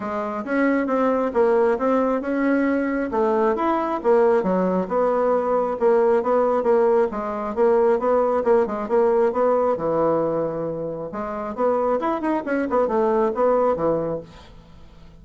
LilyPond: \new Staff \with { instrumentName = "bassoon" } { \time 4/4 \tempo 4 = 135 gis4 cis'4 c'4 ais4 | c'4 cis'2 a4 | e'4 ais4 fis4 b4~ | b4 ais4 b4 ais4 |
gis4 ais4 b4 ais8 gis8 | ais4 b4 e2~ | e4 gis4 b4 e'8 dis'8 | cis'8 b8 a4 b4 e4 | }